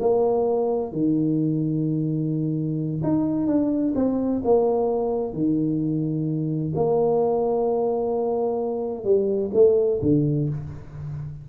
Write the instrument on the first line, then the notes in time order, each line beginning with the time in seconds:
tuba
0.00 A#3
0.92 D#3
3.03 D#4
3.47 D4
3.95 C4
4.44 A#3
5.33 D#3
6.75 A#3
9.04 G3
9.54 A3
10.02 D3